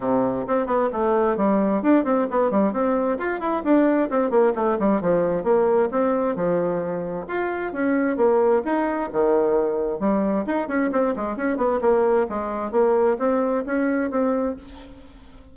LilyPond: \new Staff \with { instrumentName = "bassoon" } { \time 4/4 \tempo 4 = 132 c4 c'8 b8 a4 g4 | d'8 c'8 b8 g8 c'4 f'8 e'8 | d'4 c'8 ais8 a8 g8 f4 | ais4 c'4 f2 |
f'4 cis'4 ais4 dis'4 | dis2 g4 dis'8 cis'8 | c'8 gis8 cis'8 b8 ais4 gis4 | ais4 c'4 cis'4 c'4 | }